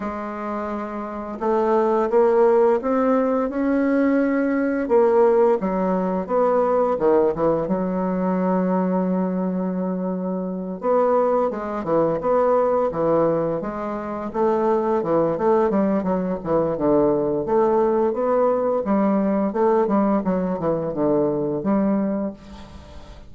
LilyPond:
\new Staff \with { instrumentName = "bassoon" } { \time 4/4 \tempo 4 = 86 gis2 a4 ais4 | c'4 cis'2 ais4 | fis4 b4 dis8 e8 fis4~ | fis2.~ fis8 b8~ |
b8 gis8 e8 b4 e4 gis8~ | gis8 a4 e8 a8 g8 fis8 e8 | d4 a4 b4 g4 | a8 g8 fis8 e8 d4 g4 | }